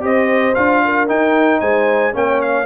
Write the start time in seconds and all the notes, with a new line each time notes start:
0.00 C4 G4 C5 D#5
0.54 D4 F4 F5
0.85 A#4
1.07 D#4 G5
1.60 G#3 C5 G#5
2.12 A#3 C#4 C#5 G5
2.41 F5